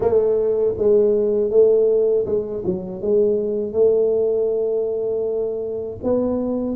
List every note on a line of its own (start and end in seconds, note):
0.00 0.74 A3
0.77 1.50 G#3
1.50 2.25 A3
2.26 2.63 G#3
2.65 3.01 F#3
3.01 3.72 G#3
3.72 5.97 A3
6.03 6.76 B3